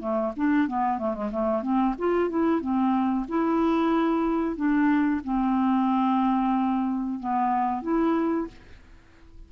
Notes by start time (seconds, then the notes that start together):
0.00 A3
0.36 D4
0.68 B3
0.98 A3
1.14 G#3
1.32 A3
1.62 C4
1.99 F4
2.30 E4
2.61 C4
3.29 E4
4.56 D4
5.24 C4
7.20 B3
7.82 E4